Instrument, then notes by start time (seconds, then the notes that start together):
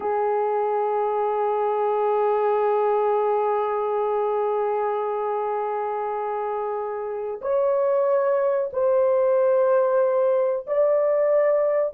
horn
0.00 G#4
7.41 C#5
8.72 C5
10.66 D5